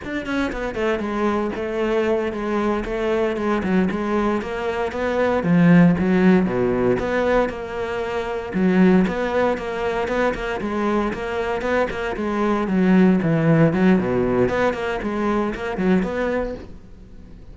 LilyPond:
\new Staff \with { instrumentName = "cello" } { \time 4/4 \tempo 4 = 116 d'8 cis'8 b8 a8 gis4 a4~ | a8 gis4 a4 gis8 fis8 gis8~ | gis8 ais4 b4 f4 fis8~ | fis8 b,4 b4 ais4.~ |
ais8 fis4 b4 ais4 b8 | ais8 gis4 ais4 b8 ais8 gis8~ | gis8 fis4 e4 fis8 b,4 | b8 ais8 gis4 ais8 fis8 b4 | }